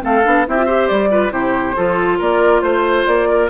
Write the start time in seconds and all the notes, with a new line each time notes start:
0.00 A3 C4 A4 F5
0.24 B3 D4
0.47 C4 E4 G4 E5
0.57 F4
0.65 G4 C5
0.87 G3 D5
1.10 F4 B4
1.31 C3 E4 G4 C5
1.76 F3 F4 A4
2.18 A#3 A#4 D5
2.61 A3 C5
3.06 A#3 D5
3.28 A#4